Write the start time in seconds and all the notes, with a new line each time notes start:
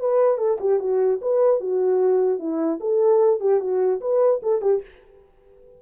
0.00 B4
0.38 A4
0.60 G4
0.80 F#4
1.21 B4
1.60 F#4
2.39 E4
2.80 A4
3.40 G4
3.60 F#4
4.01 B4
4.43 A4
4.62 G4